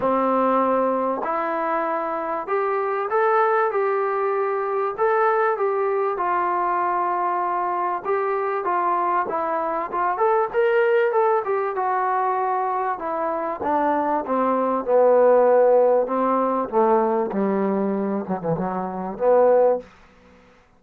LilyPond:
\new Staff \with { instrumentName = "trombone" } { \time 4/4 \tempo 4 = 97 c'2 e'2 | g'4 a'4 g'2 | a'4 g'4 f'2~ | f'4 g'4 f'4 e'4 |
f'8 a'8 ais'4 a'8 g'8 fis'4~ | fis'4 e'4 d'4 c'4 | b2 c'4 a4 | g4. fis16 e16 fis4 b4 | }